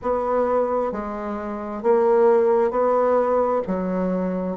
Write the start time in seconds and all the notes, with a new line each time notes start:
0.02 B3
0.91 G#3
1.82 A#3
2.70 B3
3.67 F#3